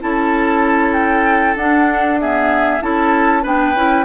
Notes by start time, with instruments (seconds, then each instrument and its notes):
0.00 bassoon C#4, clarinet E4, oboe A4, flute A5
0.93 flute G5
1.56 bassoon D4, clarinet D4, flute F#5
2.20 clarinet B3, oboe G#4, flute E5
2.81 bassoon C#4, clarinet E4, oboe A4, flute A5
3.43 bassoon B3, clarinet D4, oboe B4, flute G5
3.75 bassoon C#4, clarinet E4